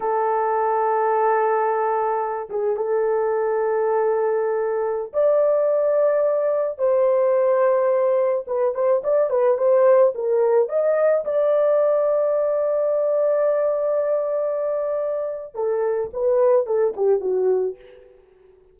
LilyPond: \new Staff \with { instrumentName = "horn" } { \time 4/4 \tempo 4 = 108 a'1~ | a'8 gis'8 a'2.~ | a'4~ a'16 d''2~ d''8.~ | d''16 c''2. b'8 c''16~ |
c''16 d''8 b'8 c''4 ais'4 dis''8.~ | dis''16 d''2.~ d''8.~ | d''1 | a'4 b'4 a'8 g'8 fis'4 | }